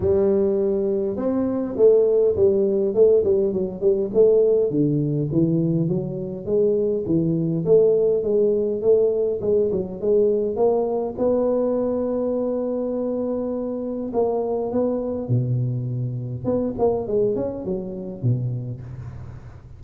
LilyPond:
\new Staff \with { instrumentName = "tuba" } { \time 4/4 \tempo 4 = 102 g2 c'4 a4 | g4 a8 g8 fis8 g8 a4 | d4 e4 fis4 gis4 | e4 a4 gis4 a4 |
gis8 fis8 gis4 ais4 b4~ | b1 | ais4 b4 b,2 | b8 ais8 gis8 cis'8 fis4 b,4 | }